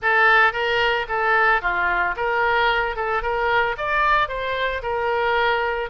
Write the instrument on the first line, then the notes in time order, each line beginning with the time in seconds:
oboe
0.02 A4
0.52 A#4
1.08 A4
1.61 F4
2.16 A#4
2.96 A4
3.22 A#4
3.77 D5
4.28 C5
4.82 A#4